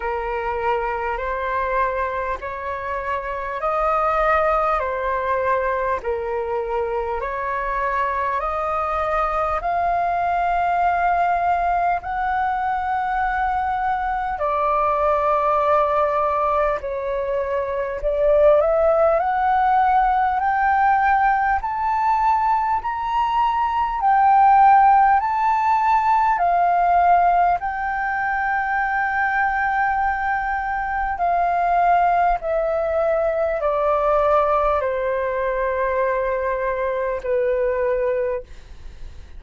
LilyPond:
\new Staff \with { instrumentName = "flute" } { \time 4/4 \tempo 4 = 50 ais'4 c''4 cis''4 dis''4 | c''4 ais'4 cis''4 dis''4 | f''2 fis''2 | d''2 cis''4 d''8 e''8 |
fis''4 g''4 a''4 ais''4 | g''4 a''4 f''4 g''4~ | g''2 f''4 e''4 | d''4 c''2 b'4 | }